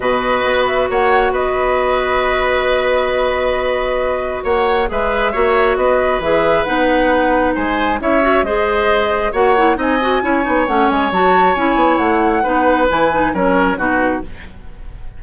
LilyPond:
<<
  \new Staff \with { instrumentName = "flute" } { \time 4/4 \tempo 4 = 135 dis''4. e''8 fis''4 dis''4~ | dis''1~ | dis''2 fis''4 e''4~ | e''4 dis''4 e''4 fis''4~ |
fis''4 gis''4 e''4 dis''4~ | dis''4 fis''4 gis''2 | fis''8 gis''8 a''4 gis''4 fis''4~ | fis''4 gis''4 cis''4 b'4 | }
  \new Staff \with { instrumentName = "oboe" } { \time 4/4 b'2 cis''4 b'4~ | b'1~ | b'2 cis''4 b'4 | cis''4 b'2.~ |
b'4 c''4 cis''4 c''4~ | c''4 cis''4 dis''4 cis''4~ | cis''1 | b'2 ais'4 fis'4 | }
  \new Staff \with { instrumentName = "clarinet" } { \time 4/4 fis'1~ | fis'1~ | fis'2. gis'4 | fis'2 gis'4 dis'4~ |
dis'2 e'8 fis'8 gis'4~ | gis'4 fis'8 e'8 dis'8 fis'8 e'8 dis'8 | cis'4 fis'4 e'2 | dis'4 e'8 dis'8 cis'4 dis'4 | }
  \new Staff \with { instrumentName = "bassoon" } { \time 4/4 b,4 b4 ais4 b4~ | b1~ | b2 ais4 gis4 | ais4 b4 e4 b4~ |
b4 gis4 cis'4 gis4~ | gis4 ais4 c'4 cis'8 b8 | a8 gis8 fis4 cis'8 b8 a4 | b4 e4 fis4 b,4 | }
>>